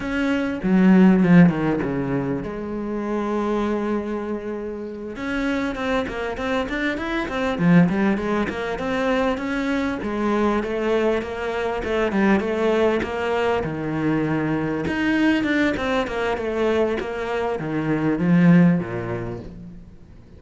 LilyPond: \new Staff \with { instrumentName = "cello" } { \time 4/4 \tempo 4 = 99 cis'4 fis4 f8 dis8 cis4 | gis1~ | gis8 cis'4 c'8 ais8 c'8 d'8 e'8 | c'8 f8 g8 gis8 ais8 c'4 cis'8~ |
cis'8 gis4 a4 ais4 a8 | g8 a4 ais4 dis4.~ | dis8 dis'4 d'8 c'8 ais8 a4 | ais4 dis4 f4 ais,4 | }